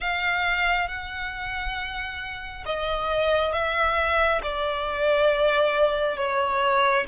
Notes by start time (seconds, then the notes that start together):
0.00 F5
0.88 F#5
2.65 D#5
3.53 E5
4.42 D5
6.16 C#5